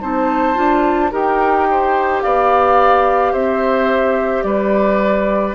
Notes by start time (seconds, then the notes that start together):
0.00 C4 D#4 C5 A5
0.54 D4 F4
1.11 D#4 G4 A#4 G5
1.70 C5
2.21 B3 D5 F5
3.32 C4 C5 E5
4.43 G3 B4 D5